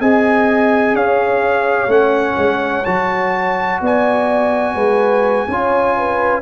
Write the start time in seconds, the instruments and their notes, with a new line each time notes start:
0.00 tuba C4, trombone G#4, horn D#5, trumpet G#5
0.94 tuba C#4, horn C#5, trumpet F5
1.87 tuba A3, trombone C#4, trumpet F#5
2.37 tuba G#3
2.85 tuba F#3, trombone F#4, trumpet A5
3.81 tuba B3, horn D5, trumpet G#5
4.75 tuba G#3, horn B4
5.48 tuba C#4, trombone F4, horn C#5
5.97 horn B4